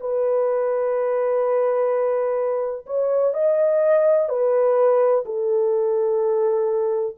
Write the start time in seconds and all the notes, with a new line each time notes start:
0.00 B4
2.86 C#5
3.34 D#5
4.29 B4
5.26 A4